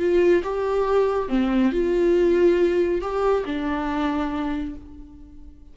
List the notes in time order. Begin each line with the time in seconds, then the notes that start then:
0.00 F4
0.44 G4
1.29 C4
1.72 F4
3.02 G4
3.46 D4